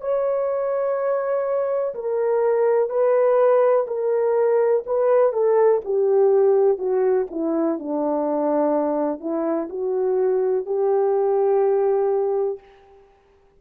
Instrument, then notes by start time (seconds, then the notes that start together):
horn
0.00 C#5
1.94 A#4
2.89 B4
3.87 A#4
4.86 B4
5.32 A4
5.85 G4
6.78 F#4
7.30 E4
7.79 D4
9.20 E4
9.69 F#4
10.65 G4